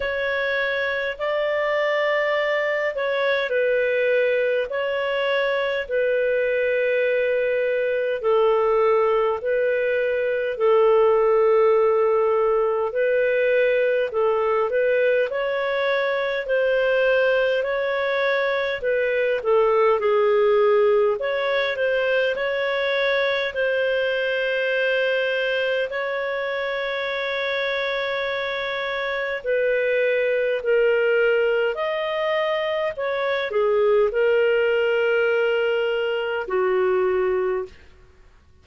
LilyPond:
\new Staff \with { instrumentName = "clarinet" } { \time 4/4 \tempo 4 = 51 cis''4 d''4. cis''8 b'4 | cis''4 b'2 a'4 | b'4 a'2 b'4 | a'8 b'8 cis''4 c''4 cis''4 |
b'8 a'8 gis'4 cis''8 c''8 cis''4 | c''2 cis''2~ | cis''4 b'4 ais'4 dis''4 | cis''8 gis'8 ais'2 fis'4 | }